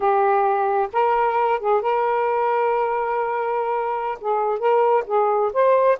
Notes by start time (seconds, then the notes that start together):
0.00 G4
0.92 A#4
1.59 G#4
1.81 A#4
4.21 G#4
4.58 A#4
5.06 G#4
5.53 C5